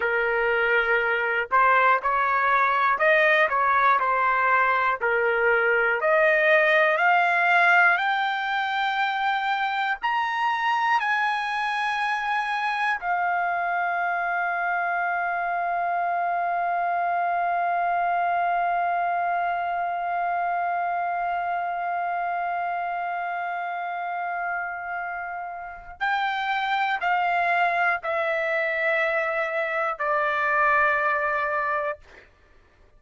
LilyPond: \new Staff \with { instrumentName = "trumpet" } { \time 4/4 \tempo 4 = 60 ais'4. c''8 cis''4 dis''8 cis''8 | c''4 ais'4 dis''4 f''4 | g''2 ais''4 gis''4~ | gis''4 f''2.~ |
f''1~ | f''1~ | f''2 g''4 f''4 | e''2 d''2 | }